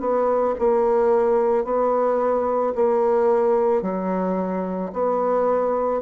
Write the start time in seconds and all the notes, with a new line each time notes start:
0.00 B3
0.59 A#3
1.64 B3
2.75 A#3
3.82 F#3
4.93 B3